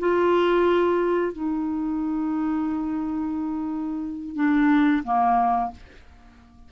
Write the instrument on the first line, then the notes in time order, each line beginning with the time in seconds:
clarinet
0.00 F4
1.33 D#4
4.36 D4
5.04 A#3